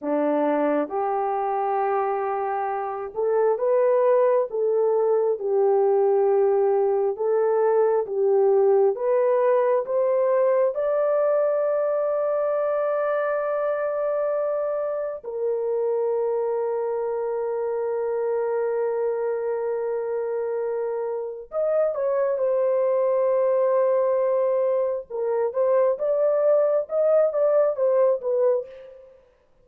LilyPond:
\new Staff \with { instrumentName = "horn" } { \time 4/4 \tempo 4 = 67 d'4 g'2~ g'8 a'8 | b'4 a'4 g'2 | a'4 g'4 b'4 c''4 | d''1~ |
d''4 ais'2.~ | ais'1 | dis''8 cis''8 c''2. | ais'8 c''8 d''4 dis''8 d''8 c''8 b'8 | }